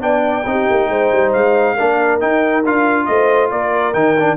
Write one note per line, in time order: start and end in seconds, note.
0.00 0.44 B3
0.00 0.43 D4
0.00 0.46 D5
0.00 1.32 G5
0.45 0.67 C4
0.45 1.77 D#4
0.45 0.89 G4
0.70 0.89 A#3
0.89 1.11 G#3
0.89 1.75 C5
1.12 1.34 G3
1.33 1.77 G#3
1.33 2.20 F5
1.75 2.22 A#3
1.75 2.20 D4
1.75 3.05 A#4
2.20 2.63 D#4
2.20 2.64 D#4
2.20 2.64 G5
2.64 3.08 D4
2.64 3.94 F4
2.64 3.06 F5
3.06 3.51 A3
3.06 3.51 C5
3.06 3.49 D#5
3.51 3.94 A#3
3.51 4.37 A#4
3.51 3.93 D5
3.93 4.37 D#3
3.93 4.16 D#4
3.93 4.37 G5
4.19 4.37 D4